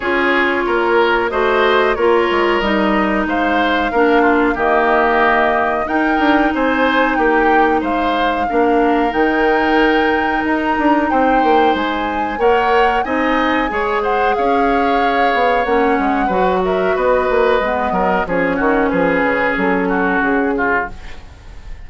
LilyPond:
<<
  \new Staff \with { instrumentName = "flute" } { \time 4/4 \tempo 4 = 92 cis''2 dis''4 cis''4 | dis''4 f''2 dis''4~ | dis''4 g''4 gis''4 g''4 | f''2 g''2 |
ais''4 g''4 gis''4 fis''4 | gis''4. fis''8 f''2 | fis''4. e''8 dis''2 | cis''4 b'4 a'4 gis'4 | }
  \new Staff \with { instrumentName = "oboe" } { \time 4/4 gis'4 ais'4 c''4 ais'4~ | ais'4 c''4 ais'8 f'8 g'4~ | g'4 ais'4 c''4 g'4 | c''4 ais'2.~ |
ais'4 c''2 cis''4 | dis''4 cis''8 c''8 cis''2~ | cis''4 b'8 ais'8 b'4. ais'8 | gis'8 fis'8 gis'4. fis'4 f'8 | }
  \new Staff \with { instrumentName = "clarinet" } { \time 4/4 f'2 fis'4 f'4 | dis'2 d'4 ais4~ | ais4 dis'2.~ | dis'4 d'4 dis'2~ |
dis'2. ais'4 | dis'4 gis'2. | cis'4 fis'2 b4 | cis'1 | }
  \new Staff \with { instrumentName = "bassoon" } { \time 4/4 cis'4 ais4 a4 ais8 gis8 | g4 gis4 ais4 dis4~ | dis4 dis'8 d'8 c'4 ais4 | gis4 ais4 dis2 |
dis'8 d'8 c'8 ais8 gis4 ais4 | c'4 gis4 cis'4. b8 | ais8 gis8 fis4 b8 ais8 gis8 fis8 | f8 dis8 f8 cis8 fis4 cis4 | }
>>